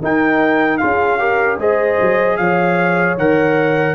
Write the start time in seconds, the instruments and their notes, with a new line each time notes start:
0.00 trombone D#4, tuba D#4, horn A#4, trumpet G5
0.78 tuba C#4, trombone F4, horn G#4, trumpet F5
1.19 trombone G4, horn A#4
1.58 tuba G#3, trombone G#4, horn C5, trumpet D#5
2.01 tuba F#3
2.37 tuba F3, horn C#5, trumpet F5
3.17 tuba D#3, trombone A#4, trumpet F#5